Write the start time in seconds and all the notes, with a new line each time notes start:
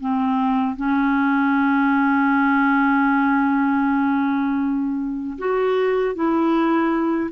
0.00 C4
0.76 C#4
5.38 F#4
6.15 E4